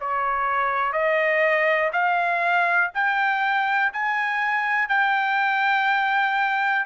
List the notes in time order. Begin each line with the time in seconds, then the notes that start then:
0.00 C#5
0.93 D#5
1.92 F5
2.94 G5
3.93 G#5
4.89 G5